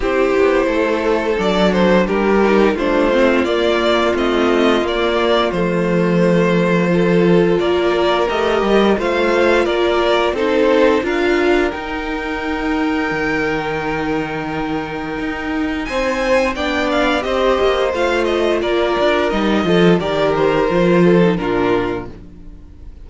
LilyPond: <<
  \new Staff \with { instrumentName = "violin" } { \time 4/4 \tempo 4 = 87 c''2 d''8 c''8 ais'4 | c''4 d''4 dis''4 d''4 | c''2. d''4 | dis''4 f''4 d''4 c''4 |
f''4 g''2.~ | g''2. gis''4 | g''8 f''8 dis''4 f''8 dis''8 d''4 | dis''4 d''8 c''4. ais'4 | }
  \new Staff \with { instrumentName = "violin" } { \time 4/4 g'4 a'2 g'4 | f'1~ | f'2 a'4 ais'4~ | ais'4 c''4 ais'4 a'4 |
ais'1~ | ais'2. c''4 | d''4 c''2 ais'4~ | ais'8 a'8 ais'4. a'8 f'4 | }
  \new Staff \with { instrumentName = "viola" } { \time 4/4 e'2 d'4. dis'8 | d'8 c'8 ais4 c'4 ais4 | a2 f'2 | g'4 f'2 dis'4 |
f'4 dis'2.~ | dis'1 | d'4 g'4 f'2 | dis'8 f'8 g'4 f'8. dis'16 d'4 | }
  \new Staff \with { instrumentName = "cello" } { \time 4/4 c'8 b8 a4 fis4 g4 | a4 ais4 a4 ais4 | f2. ais4 | a8 g8 a4 ais4 c'4 |
d'4 dis'2 dis4~ | dis2 dis'4 c'4 | b4 c'8 ais8 a4 ais8 d'8 | g8 f8 dis4 f4 ais,4 | }
>>